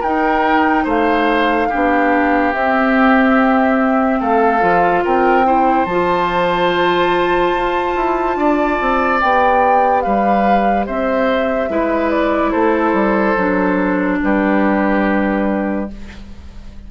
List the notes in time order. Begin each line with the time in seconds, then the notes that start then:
0.00 D#4 A#4 G5
0.84 A3 C5 F5
1.69 B3 D4 G4
2.53 C4 E5
4.20 A3 A4 F5
4.60 F3 F4
5.04 C4 A#4 G5
5.44 E4 C5
5.86 F3 F4 A5
7.52 F4
7.96 E4
8.36 D4 D5
8.81 C4
9.20 B3 G4 G5
10.02 G3 B4 F5
10.86 C4 C5 E5
11.69 G#3 E4 B4
12.10 D5
12.51 A3 A4 C5
12.93 G3
13.36 F#3 D4
14.23 G3 G4 B4